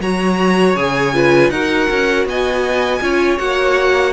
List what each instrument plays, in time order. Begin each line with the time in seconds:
0.00 cello F#3, viola F#4, violin C#5 A#5
0.76 cello C#3, viola G#4, violin G#5
1.14 viola F4, violin B4
1.50 cello D#4, viola F#4, violin A#4 F#5
1.91 cello C#4
2.26 cello B3, violin D#5 G#5
3.01 cello C#4, viola F4, violin C#5
3.38 cello A#3, viola F#4, violin F#5